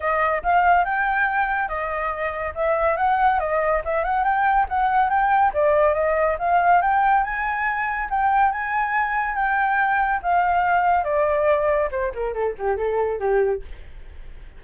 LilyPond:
\new Staff \with { instrumentName = "flute" } { \time 4/4 \tempo 4 = 141 dis''4 f''4 g''2 | dis''2 e''4 fis''4 | dis''4 e''8 fis''8 g''4 fis''4 | g''4 d''4 dis''4 f''4 |
g''4 gis''2 g''4 | gis''2 g''2 | f''2 d''2 | c''8 ais'8 a'8 g'8 a'4 g'4 | }